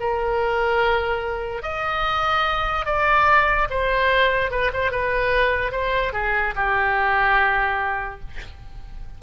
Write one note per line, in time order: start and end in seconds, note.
0.00 1.63 A#4
1.63 2.86 D#5
2.86 3.68 D5
3.71 4.51 C5
4.51 4.71 B4
4.73 4.91 C5
4.91 5.72 B4
5.72 6.13 C5
6.13 6.54 G#4
6.56 8.20 G4